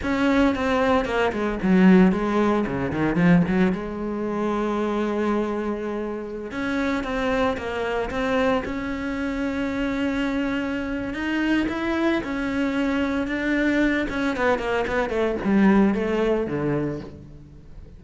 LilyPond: \new Staff \with { instrumentName = "cello" } { \time 4/4 \tempo 4 = 113 cis'4 c'4 ais8 gis8 fis4 | gis4 cis8 dis8 f8 fis8 gis4~ | gis1~ | gis16 cis'4 c'4 ais4 c'8.~ |
c'16 cis'2.~ cis'8.~ | cis'4 dis'4 e'4 cis'4~ | cis'4 d'4. cis'8 b8 ais8 | b8 a8 g4 a4 d4 | }